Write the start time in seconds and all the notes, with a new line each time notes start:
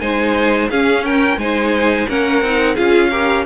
0.00 G#3 D#4 C5 G#5
0.71 C#4 G#4 F5
1.05 A#4 G5
1.38 G#3 D#4 C5 G#5
2.08 A#3 C#4 A#4 F#5
2.42 C4 D#4
2.75 C#4 F4 G#4 F5
3.11 G4 A#4